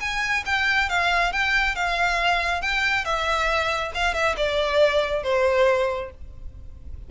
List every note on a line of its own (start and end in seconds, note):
0.00 0.43 G#5
0.45 0.89 G5
0.89 1.32 F5
1.32 1.75 G5
1.75 2.61 F5
2.61 3.05 G5
3.05 3.92 E5
3.94 4.14 F5
4.14 4.35 E5
4.37 5.23 D5
5.23 6.10 C5